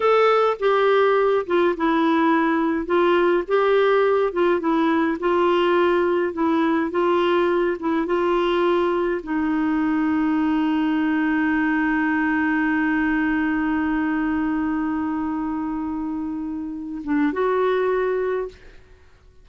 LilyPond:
\new Staff \with { instrumentName = "clarinet" } { \time 4/4 \tempo 4 = 104 a'4 g'4. f'8 e'4~ | e'4 f'4 g'4. f'8 | e'4 f'2 e'4 | f'4. e'8 f'2 |
dis'1~ | dis'1~ | dis'1~ | dis'4. d'8 fis'2 | }